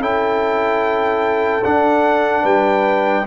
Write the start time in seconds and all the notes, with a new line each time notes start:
0.00 C#4 E4 A4 G5
1.64 D4 F#5
2.42 G3 B4 G5